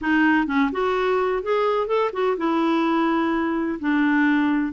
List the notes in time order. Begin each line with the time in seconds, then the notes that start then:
0.01 D#4
0.46 C#4
0.72 F#4
1.43 G#4
1.87 A4
2.13 F#4
2.37 E4
3.79 D4